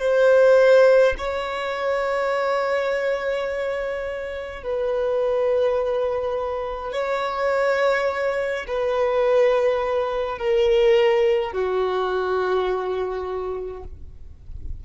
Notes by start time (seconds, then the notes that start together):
0.00 C5
1.19 C#5
4.64 B4
6.93 C#5
8.68 B4
10.39 A#4
11.53 F#4